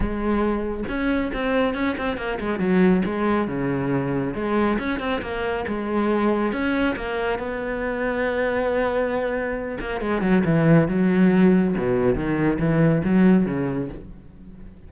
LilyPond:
\new Staff \with { instrumentName = "cello" } { \time 4/4 \tempo 4 = 138 gis2 cis'4 c'4 | cis'8 c'8 ais8 gis8 fis4 gis4 | cis2 gis4 cis'8 c'8 | ais4 gis2 cis'4 |
ais4 b2.~ | b2~ b8 ais8 gis8 fis8 | e4 fis2 b,4 | dis4 e4 fis4 cis4 | }